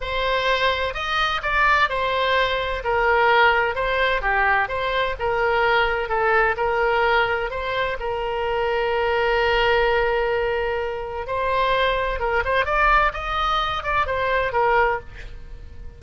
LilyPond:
\new Staff \with { instrumentName = "oboe" } { \time 4/4 \tempo 4 = 128 c''2 dis''4 d''4 | c''2 ais'2 | c''4 g'4 c''4 ais'4~ | ais'4 a'4 ais'2 |
c''4 ais'2.~ | ais'1 | c''2 ais'8 c''8 d''4 | dis''4. d''8 c''4 ais'4 | }